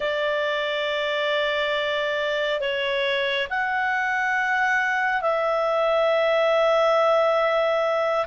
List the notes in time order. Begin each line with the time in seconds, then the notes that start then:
0.00 D5
2.60 C#5
3.49 F#5
5.21 E5